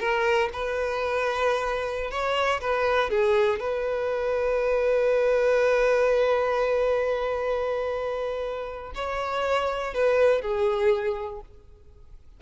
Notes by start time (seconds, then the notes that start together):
0.00 A#4
0.53 B4
2.11 C#5
2.61 B4
3.10 G#4
3.60 B4
8.95 C#5
9.94 B4
10.42 G#4